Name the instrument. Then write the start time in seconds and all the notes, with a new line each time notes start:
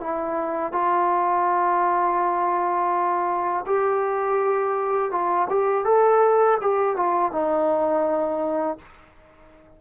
trombone
0.00 E4
0.72 F4
3.66 G4
5.11 F4
5.49 G4
5.84 A4
6.61 G4
6.96 F4
7.32 D#4